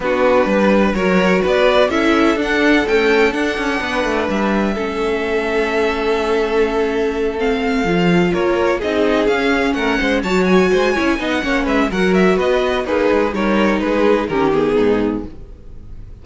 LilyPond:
<<
  \new Staff \with { instrumentName = "violin" } { \time 4/4 \tempo 4 = 126 b'2 cis''4 d''4 | e''4 fis''4 g''4 fis''4~ | fis''4 e''2.~ | e''2.~ e''8 f''8~ |
f''4. cis''4 dis''4 f''8~ | f''8 fis''4 a''8 gis''4.~ gis''16 fis''16~ | fis''8 e''8 fis''8 e''8 dis''4 b'4 | cis''4 b'4 ais'8 gis'4. | }
  \new Staff \with { instrumentName = "violin" } { \time 4/4 fis'4 b'4 ais'4 b'4 | a'1 | b'2 a'2~ | a'1~ |
a'4. ais'4 gis'4.~ | gis'8 ais'8 c''8 cis''4 c''8 cis''8 dis''8 | cis''8 b'8 ais'4 b'4 dis'4 | ais'4 gis'4 g'4 dis'4 | }
  \new Staff \with { instrumentName = "viola" } { \time 4/4 d'2 fis'2 | e'4 d'4 a4 d'4~ | d'2 cis'2~ | cis'2.~ cis'8 c'8~ |
c'8 f'2 dis'4 cis'8~ | cis'4. fis'4. e'8 dis'8 | cis'4 fis'2 gis'4 | dis'2 cis'8 b4. | }
  \new Staff \with { instrumentName = "cello" } { \time 4/4 b4 g4 fis4 b4 | cis'4 d'4 cis'4 d'8 cis'8 | b8 a8 g4 a2~ | a1~ |
a8 f4 ais4 c'4 cis'8~ | cis'8 a8 gis8 fis4 gis8 cis'8 b8 | ais8 gis8 fis4 b4 ais8 gis8 | g4 gis4 dis4 gis,4 | }
>>